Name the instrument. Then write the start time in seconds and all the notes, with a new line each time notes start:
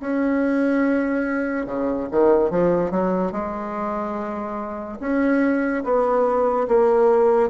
bassoon
0.00 C#4
1.66 C#3
2.11 D#3
2.51 F3
2.91 F#3
3.33 G#3
5.00 C#4
5.84 B3
6.69 A#3